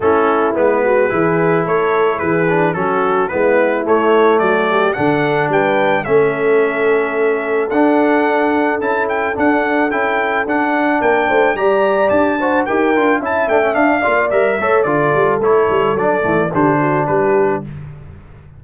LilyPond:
<<
  \new Staff \with { instrumentName = "trumpet" } { \time 4/4 \tempo 4 = 109 a'4 b'2 cis''4 | b'4 a'4 b'4 cis''4 | d''4 fis''4 g''4 e''4~ | e''2 fis''2 |
a''8 g''8 fis''4 g''4 fis''4 | g''4 ais''4 a''4 g''4 | a''8 g''8 f''4 e''4 d''4 | cis''4 d''4 c''4 b'4 | }
  \new Staff \with { instrumentName = "horn" } { \time 4/4 e'4. fis'8 gis'4 a'4 | gis'4 fis'4 e'2 | fis'8 g'8 a'4 b'4 a'4~ | a'1~ |
a'1 | ais'8 c''8 d''4. c''8 ais'4 | e''4. d''4 cis''8 a'4~ | a'2 g'8 fis'8 g'4 | }
  \new Staff \with { instrumentName = "trombone" } { \time 4/4 cis'4 b4 e'2~ | e'8 d'8 cis'4 b4 a4~ | a4 d'2 cis'4~ | cis'2 d'2 |
e'4 d'4 e'4 d'4~ | d'4 g'4. fis'8 g'8 f'8 | e'8 d'16 cis'16 d'8 f'8 ais'8 a'8 f'4 | e'4 d'8 a8 d'2 | }
  \new Staff \with { instrumentName = "tuba" } { \time 4/4 a4 gis4 e4 a4 | e4 fis4 gis4 a4 | fis4 d4 g4 a4~ | a2 d'2 |
cis'4 d'4 cis'4 d'4 | ais8 a8 g4 d'4 dis'8 d'8 | cis'8 a8 d'8 ais8 g8 a8 d8 g8 | a8 g8 fis8 e8 d4 g4 | }
>>